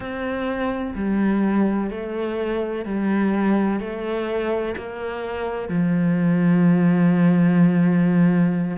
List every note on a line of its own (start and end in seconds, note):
0.00 0.94 C4
0.95 1.90 G3
1.90 2.85 A3
2.85 3.80 G3
3.80 4.75 A3
4.77 5.68 A#3
5.68 8.77 F3